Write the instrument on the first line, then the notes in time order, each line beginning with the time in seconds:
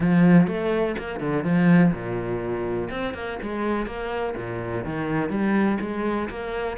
cello
0.00 F3
0.47 A3
0.98 A#3
1.19 D3
1.43 F3
1.92 A#2
2.90 C4
3.14 A#3
3.42 G#3
3.86 A#3
4.36 A#2
4.84 D#3
5.29 G3
5.80 G#3
6.29 A#3